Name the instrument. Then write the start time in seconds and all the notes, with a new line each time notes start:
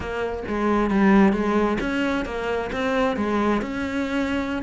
cello
0.00 A#3
0.48 G#3
0.90 G3
1.32 G#3
1.80 C#4
2.25 A#3
2.72 C4
3.16 G#3
3.61 C#4